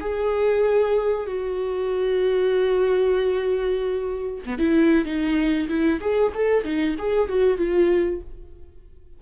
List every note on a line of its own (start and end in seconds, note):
0.00 1.26 G#4
1.26 4.42 F#4
4.45 4.58 B3
4.58 5.05 E4
5.05 5.68 D#4
5.68 6.00 E4
6.00 6.32 G#4
6.34 6.64 A4
6.64 6.95 D#4
6.98 7.28 G#4
7.28 7.57 F#4
7.57 8.20 F4